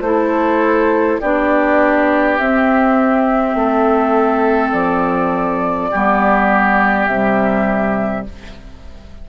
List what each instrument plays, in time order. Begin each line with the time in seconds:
0.00 bassoon A3, clarinet E4, oboe A4, flute C5
1.19 bassoon B3, clarinet D4, oboe G4, flute D5
2.37 clarinet C4, bassoon C4, flute E5
3.54 bassoon A3, oboe A4
4.71 bassoon F3, flute D5
5.90 bassoon G3, clarinet B3, oboe G4
7.06 bassoon C3, clarinet G3, flute E5